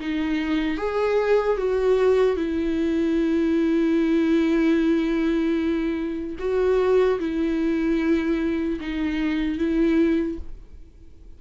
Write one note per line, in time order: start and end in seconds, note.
0.00 0.78 D#4
0.78 1.58 G#4
1.58 2.37 F#4
2.37 6.37 E4
6.39 7.19 F#4
7.20 8.80 E4
8.80 9.59 D#4
9.59 10.39 E4